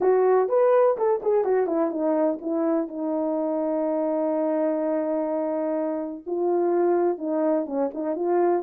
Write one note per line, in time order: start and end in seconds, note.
0.00 0.48 F#4
0.48 0.96 B4
0.97 1.21 A4
1.22 1.44 G#4
1.44 1.66 F#4
1.66 1.90 E4
1.90 2.38 D#4
2.41 2.88 E4
2.88 6.24 D#4
6.26 7.18 F4
7.18 7.65 D#4
7.65 7.89 C#4
7.94 8.15 D#4
8.15 8.63 F4